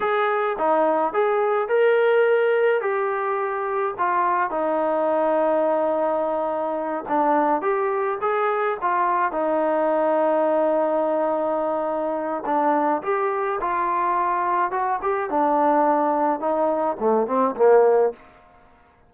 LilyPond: \new Staff \with { instrumentName = "trombone" } { \time 4/4 \tempo 4 = 106 gis'4 dis'4 gis'4 ais'4~ | ais'4 g'2 f'4 | dis'1~ | dis'8 d'4 g'4 gis'4 f'8~ |
f'8 dis'2.~ dis'8~ | dis'2 d'4 g'4 | f'2 fis'8 g'8 d'4~ | d'4 dis'4 a8 c'8 ais4 | }